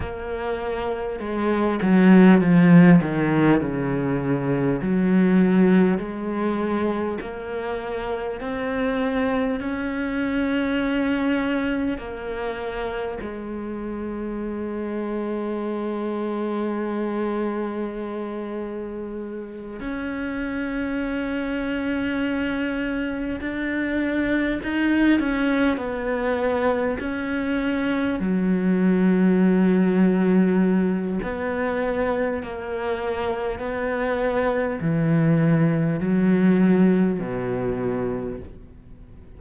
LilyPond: \new Staff \with { instrumentName = "cello" } { \time 4/4 \tempo 4 = 50 ais4 gis8 fis8 f8 dis8 cis4 | fis4 gis4 ais4 c'4 | cis'2 ais4 gis4~ | gis1~ |
gis8 cis'2. d'8~ | d'8 dis'8 cis'8 b4 cis'4 fis8~ | fis2 b4 ais4 | b4 e4 fis4 b,4 | }